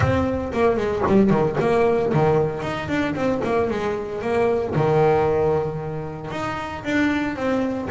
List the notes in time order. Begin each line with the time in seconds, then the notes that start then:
0.00 C4
0.53 A#3
0.76 G#3
1.07 G3
1.30 D#3
1.60 A#3
2.13 D#3
2.62 D#4
2.88 D4
3.15 C4
3.44 A#3
3.70 G#3
4.21 A#3
4.75 D#3
6.31 D#4
6.84 D4
7.35 C4